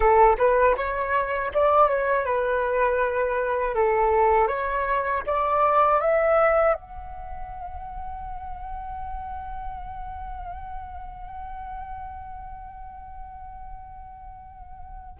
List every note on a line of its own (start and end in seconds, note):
0.00 0.36 A4
0.38 0.75 B4
0.76 1.51 C#5
1.53 1.88 D5
1.88 2.25 C#5
2.25 3.75 B4
3.75 4.47 A4
4.47 5.22 C#5
5.26 6.00 D5
6.00 6.73 E5
6.73 15.17 F#5